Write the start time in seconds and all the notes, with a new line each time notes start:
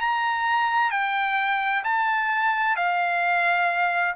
0.00 A#5
0.91 G5
1.84 A5
2.76 F5